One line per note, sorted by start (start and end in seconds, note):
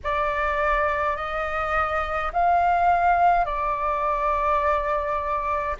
0.03 1.16 D5
1.16 2.31 D#5
2.32 3.45 F5
3.45 5.75 D5